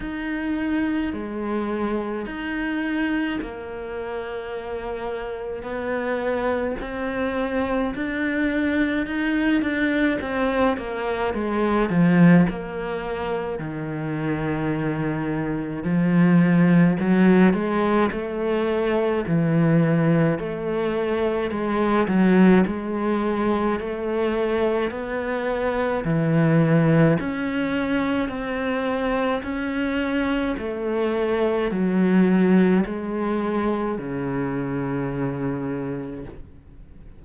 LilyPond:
\new Staff \with { instrumentName = "cello" } { \time 4/4 \tempo 4 = 53 dis'4 gis4 dis'4 ais4~ | ais4 b4 c'4 d'4 | dis'8 d'8 c'8 ais8 gis8 f8 ais4 | dis2 f4 fis8 gis8 |
a4 e4 a4 gis8 fis8 | gis4 a4 b4 e4 | cis'4 c'4 cis'4 a4 | fis4 gis4 cis2 | }